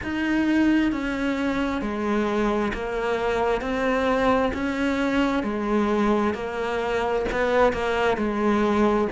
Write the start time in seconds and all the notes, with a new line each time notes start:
0.03 D#4
0.91 C#4
1.81 G#3
2.73 A#3
3.61 C4
4.53 C#4
5.43 G#3
6.34 A#3
7.32 B3
7.72 A#3
8.17 G#3